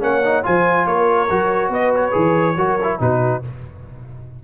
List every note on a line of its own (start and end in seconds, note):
0.00 0.44 A#3
0.00 0.21 C#4
0.00 0.46 C#5
0.00 0.45 F#5
0.24 0.44 D#4
0.44 0.87 F3
0.44 1.29 F4
0.44 0.86 C5
0.44 0.87 G#5
0.86 1.29 A#3
0.86 1.71 A#4
0.86 1.72 C#5
1.30 1.69 F#3
1.30 2.12 F#4
1.69 2.12 B3
1.69 2.56 B4
1.69 1.95 D#5
1.96 3.02 C#5
2.12 2.57 E3
2.12 2.54 G#4
2.57 2.99 F#3
2.57 2.79 F#4
2.57 3.00 A#4
2.83 3.00 E4
3.00 3.43 B2
3.00 3.42 D#4
3.00 3.43 F#4
3.00 3.44 B4